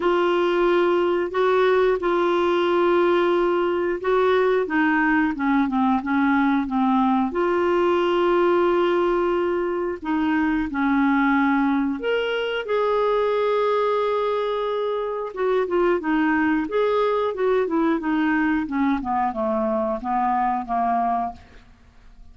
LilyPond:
\new Staff \with { instrumentName = "clarinet" } { \time 4/4 \tempo 4 = 90 f'2 fis'4 f'4~ | f'2 fis'4 dis'4 | cis'8 c'8 cis'4 c'4 f'4~ | f'2. dis'4 |
cis'2 ais'4 gis'4~ | gis'2. fis'8 f'8 | dis'4 gis'4 fis'8 e'8 dis'4 | cis'8 b8 a4 b4 ais4 | }